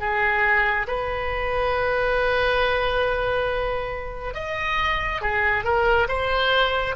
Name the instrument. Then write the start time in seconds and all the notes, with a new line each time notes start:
oboe
0.00 G#4
0.88 B4
4.35 D#5
5.22 G#4
5.64 A#4
6.09 C5